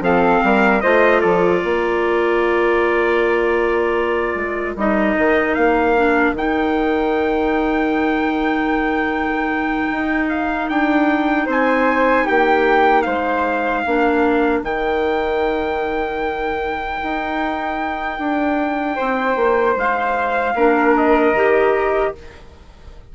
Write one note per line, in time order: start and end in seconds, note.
0.00 0.39 F3
0.00 0.81 C4
0.00 0.43 A4
0.00 0.80 F5
0.43 0.83 G3
0.43 0.82 A#4
0.80 1.23 A3
0.80 4.77 F4
0.80 1.20 C5
0.80 1.20 D#5
1.20 1.63 F3
1.20 1.60 A4
1.20 4.75 D5
1.60 4.35 A#3
1.60 11.46 A#4
4.35 4.74 G#3
4.75 5.15 G3
4.75 5.96 D#4
4.75 5.54 D#5
5.17 5.56 D#3
5.54 6.32 A#3
5.54 6.33 F5
5.96 6.36 D4
6.32 9.87 D#3
6.32 13.86 D#4
6.32 10.28 G5
9.91 10.69 D#4
10.28 10.68 F5
10.69 11.47 D4
10.69 11.48 G5
11.46 12.25 C4
11.46 12.24 C5
11.46 12.27 G#5
12.24 13.06 A#3
12.24 13.03 G4
12.24 13.02 G5
13.02 13.85 G#3
13.02 13.83 C5
13.02 14.60 F5
13.83 14.62 A#3
13.83 14.64 D4
13.83 18.95 A#4
14.62 16.99 D#3
14.62 20.56 D#4
14.62 19.77 G5
17.02 18.18 D#4
18.18 18.97 D4
18.95 19.35 C4
18.95 20.53 C5
19.35 19.75 A#3
19.76 20.54 G#3
19.76 20.96 F5
20.54 21.33 A#3
20.54 21.35 D4
20.54 22.13 A#4
20.96 22.15 D#5
21.33 22.12 D#3
21.33 22.14 G4